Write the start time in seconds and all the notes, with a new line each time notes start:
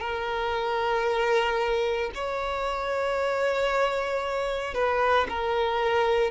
0.00 A#4
2.14 C#5
4.74 B4
5.28 A#4